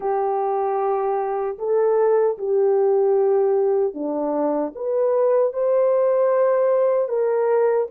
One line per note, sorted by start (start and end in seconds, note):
0.00 1.58 G4
1.58 2.37 A4
2.38 3.93 G4
3.93 4.72 D4
4.75 5.53 B4
5.53 7.08 C5
7.08 7.87 A#4